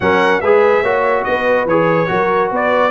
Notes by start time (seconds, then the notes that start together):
0.00 F#3 C#4 A#4 F#5
0.40 G#3 G#4 B4 E5
0.82 A#3 F#4 C#5
1.24 B3 B4 D#5
1.65 E3 G#4 C#5
2.07 F#3 F#4 A#4
2.50 B3 B4 D5